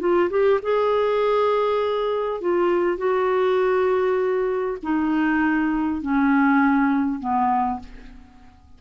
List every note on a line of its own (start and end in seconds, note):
0.00 0.30 F4
0.30 0.60 G4
0.63 2.41 G#4
2.41 2.98 F4
2.98 4.78 F#4
4.83 6.02 D#4
6.02 7.20 C#4
7.20 7.80 B3